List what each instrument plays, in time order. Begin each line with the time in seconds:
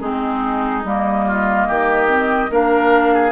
0.00 bassoon G#3, clarinet C4, oboe D#4, flute G#4
0.84 bassoon G3, clarinet A#3, flute D#5
1.26 oboe F4
1.67 bassoon D#3, oboe G4
2.08 clarinet C4
2.50 bassoon A#3, clarinet D4, oboe A#4, flute F5
3.14 oboe G#4